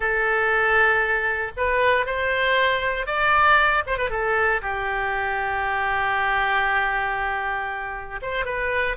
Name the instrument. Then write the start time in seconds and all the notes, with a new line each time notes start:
oboe
0.00 A4
1.56 B4
2.06 C5
3.06 D5
3.86 C5
3.97 B4
4.09 A4
4.61 G4
8.22 C5
8.45 B4